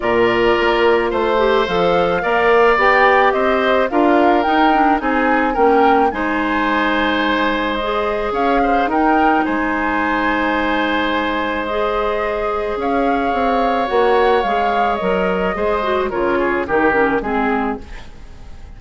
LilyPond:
<<
  \new Staff \with { instrumentName = "flute" } { \time 4/4 \tempo 4 = 108 d''2 c''4 f''4~ | f''4 g''4 dis''4 f''4 | g''4 gis''4 g''4 gis''4~ | gis''2 dis''4 f''4 |
g''4 gis''2.~ | gis''4 dis''2 f''4~ | f''4 fis''4 f''4 dis''4~ | dis''4 cis''4 ais'4 gis'4 | }
  \new Staff \with { instrumentName = "oboe" } { \time 4/4 ais'2 c''2 | d''2 c''4 ais'4~ | ais'4 gis'4 ais'4 c''4~ | c''2. cis''8 c''8 |
ais'4 c''2.~ | c''2. cis''4~ | cis''1 | c''4 ais'8 gis'8 g'4 gis'4 | }
  \new Staff \with { instrumentName = "clarinet" } { \time 4/4 f'2~ f'8 g'8 a'4 | ais'4 g'2 f'4 | dis'8 d'8 dis'4 cis'4 dis'4~ | dis'2 gis'2 |
dis'1~ | dis'4 gis'2.~ | gis'4 fis'4 gis'4 ais'4 | gis'8 fis'8 f'4 dis'8 cis'8 c'4 | }
  \new Staff \with { instrumentName = "bassoon" } { \time 4/4 ais,4 ais4 a4 f4 | ais4 b4 c'4 d'4 | dis'4 c'4 ais4 gis4~ | gis2. cis'4 |
dis'4 gis2.~ | gis2. cis'4 | c'4 ais4 gis4 fis4 | gis4 cis4 dis4 gis4 | }
>>